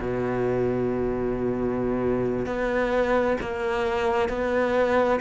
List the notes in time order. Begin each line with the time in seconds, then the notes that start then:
0.00 B2
2.46 B3
3.40 A#3
4.29 B3